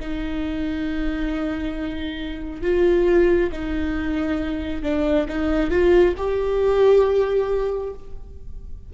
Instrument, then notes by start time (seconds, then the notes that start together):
viola
0.00 D#4
2.62 F4
3.52 D#4
4.83 D4
5.29 D#4
5.70 F4
6.17 G4